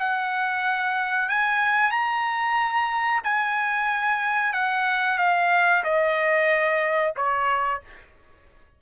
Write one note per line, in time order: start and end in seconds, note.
0.00 1.30 F#5
1.30 1.92 G#5
1.92 3.22 A#5
3.24 4.53 G#5
4.53 5.18 F#5
5.19 5.84 F5
5.84 7.15 D#5
7.17 7.82 C#5